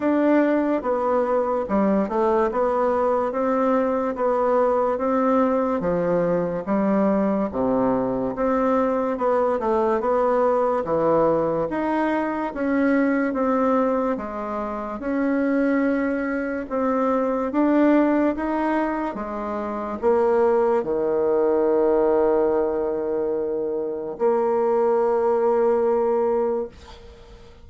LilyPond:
\new Staff \with { instrumentName = "bassoon" } { \time 4/4 \tempo 4 = 72 d'4 b4 g8 a8 b4 | c'4 b4 c'4 f4 | g4 c4 c'4 b8 a8 | b4 e4 dis'4 cis'4 |
c'4 gis4 cis'2 | c'4 d'4 dis'4 gis4 | ais4 dis2.~ | dis4 ais2. | }